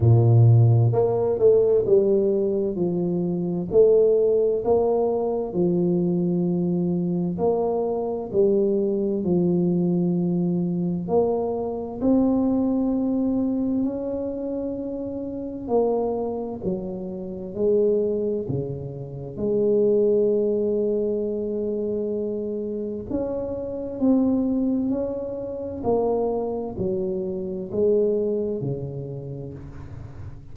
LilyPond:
\new Staff \with { instrumentName = "tuba" } { \time 4/4 \tempo 4 = 65 ais,4 ais8 a8 g4 f4 | a4 ais4 f2 | ais4 g4 f2 | ais4 c'2 cis'4~ |
cis'4 ais4 fis4 gis4 | cis4 gis2.~ | gis4 cis'4 c'4 cis'4 | ais4 fis4 gis4 cis4 | }